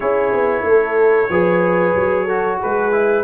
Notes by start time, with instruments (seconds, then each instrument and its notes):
0.00 tuba C#4, trombone E4, horn G#4, trumpet C#5
0.32 tuba B3
0.62 tuba A3, horn A4
1.29 tuba F3, trombone G#4, horn B4
1.95 tuba F#3
2.24 trombone F#4, horn A4
2.59 tuba G#3, horn G#4, trumpet B4
2.92 trombone E4